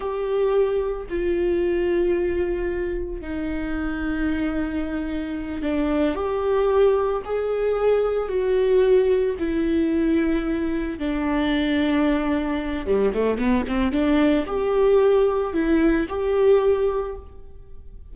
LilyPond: \new Staff \with { instrumentName = "viola" } { \time 4/4 \tempo 4 = 112 g'2 f'2~ | f'2 dis'2~ | dis'2~ dis'8 d'4 g'8~ | g'4. gis'2 fis'8~ |
fis'4. e'2~ e'8~ | e'8 d'2.~ d'8 | g8 a8 b8 c'8 d'4 g'4~ | g'4 e'4 g'2 | }